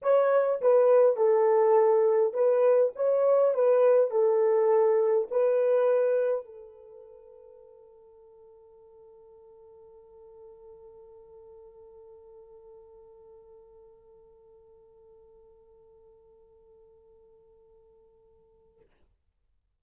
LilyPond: \new Staff \with { instrumentName = "horn" } { \time 4/4 \tempo 4 = 102 cis''4 b'4 a'2 | b'4 cis''4 b'4 a'4~ | a'4 b'2 a'4~ | a'1~ |
a'1~ | a'1~ | a'1~ | a'1 | }